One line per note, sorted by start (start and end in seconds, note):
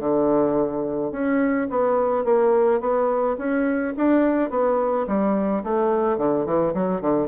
0.00 1.12 D3
1.12 1.68 C#4
1.70 2.25 B3
2.25 2.81 A#3
2.81 3.37 B3
3.38 3.94 C#4
3.97 4.50 D4
4.50 5.06 B3
5.07 5.63 G3
5.64 6.18 A3
6.18 6.46 D3
6.46 6.74 E3
6.74 7.01 F#3
7.01 7.28 D3